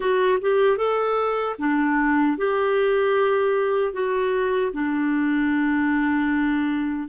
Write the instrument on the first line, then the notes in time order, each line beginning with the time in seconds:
clarinet
0.00 F#4
0.41 G4
0.77 A4
1.59 D4
2.37 G4
3.93 F#4
4.73 D4